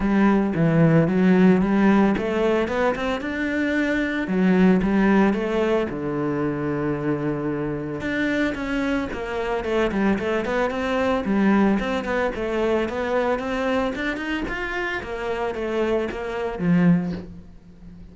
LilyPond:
\new Staff \with { instrumentName = "cello" } { \time 4/4 \tempo 4 = 112 g4 e4 fis4 g4 | a4 b8 c'8 d'2 | fis4 g4 a4 d4~ | d2. d'4 |
cis'4 ais4 a8 g8 a8 b8 | c'4 g4 c'8 b8 a4 | b4 c'4 d'8 dis'8 f'4 | ais4 a4 ais4 f4 | }